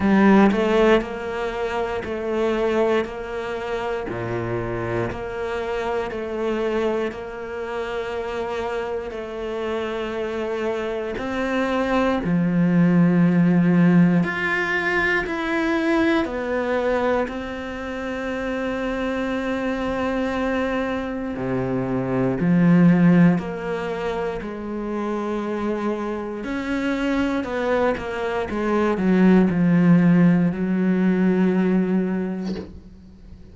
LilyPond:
\new Staff \with { instrumentName = "cello" } { \time 4/4 \tempo 4 = 59 g8 a8 ais4 a4 ais4 | ais,4 ais4 a4 ais4~ | ais4 a2 c'4 | f2 f'4 e'4 |
b4 c'2.~ | c'4 c4 f4 ais4 | gis2 cis'4 b8 ais8 | gis8 fis8 f4 fis2 | }